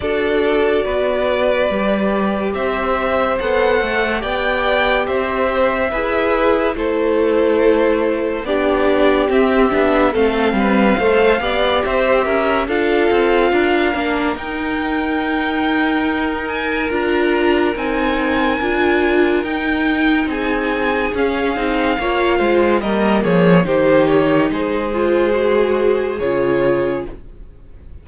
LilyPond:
<<
  \new Staff \with { instrumentName = "violin" } { \time 4/4 \tempo 4 = 71 d''2. e''4 | fis''4 g''4 e''2 | c''2 d''4 e''4 | f''2 e''4 f''4~ |
f''4 g''2~ g''8 gis''8 | ais''4 gis''2 g''4 | gis''4 f''2 dis''8 cis''8 | c''8 cis''8 c''2 cis''4 | }
  \new Staff \with { instrumentName = "violin" } { \time 4/4 a'4 b'2 c''4~ | c''4 d''4 c''4 b'4 | a'2 g'2 | a'8 b'8 c''8 d''8 c''8 ais'8 a'4 |
ais'1~ | ais'1 | gis'2 cis''8 c''8 ais'8 gis'8 | g'4 gis'2. | }
  \new Staff \with { instrumentName = "viola" } { \time 4/4 fis'2 g'2 | a'4 g'2 gis'4 | e'2 d'4 c'8 d'8 | c'4 a'8 g'4. f'4~ |
f'8 d'8 dis'2. | f'4 dis'4 f'4 dis'4~ | dis'4 cis'8 dis'8 f'4 ais4 | dis'4. f'8 fis'4 f'4 | }
  \new Staff \with { instrumentName = "cello" } { \time 4/4 d'4 b4 g4 c'4 | b8 a8 b4 c'4 e'4 | a2 b4 c'8 b8 | a8 g8 a8 b8 c'8 cis'8 d'8 c'8 |
d'8 ais8 dis'2. | d'4 c'4 d'4 dis'4 | c'4 cis'8 c'8 ais8 gis8 g8 f8 | dis4 gis2 cis4 | }
>>